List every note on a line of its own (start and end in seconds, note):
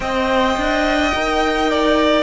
0.00 0.56 C4
0.00 1.11 C5
0.00 1.70 D#5
0.00 2.22 G5
0.56 1.13 D4
1.14 2.22 D#4
1.14 2.22 A#4
1.70 2.22 D5